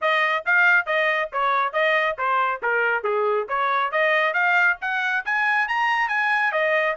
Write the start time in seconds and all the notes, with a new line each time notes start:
0.01 D#5
0.45 F5
0.85 D#5
1.32 C#5
1.72 D#5
2.17 C5
2.62 A#4
3.03 G#4
3.48 C#5
3.91 D#5
4.33 F5
4.81 F#5
5.25 G#5
5.67 A#5
6.08 G#5
6.52 D#5